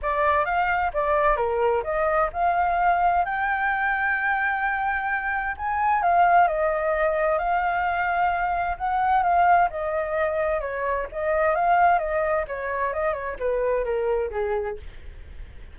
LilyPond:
\new Staff \with { instrumentName = "flute" } { \time 4/4 \tempo 4 = 130 d''4 f''4 d''4 ais'4 | dis''4 f''2 g''4~ | g''1 | gis''4 f''4 dis''2 |
f''2. fis''4 | f''4 dis''2 cis''4 | dis''4 f''4 dis''4 cis''4 | dis''8 cis''8 b'4 ais'4 gis'4 | }